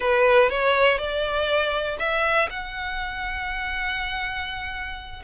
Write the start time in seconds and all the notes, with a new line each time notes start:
0.00 B4
0.49 C#5
0.98 D5
1.99 E5
2.50 F#5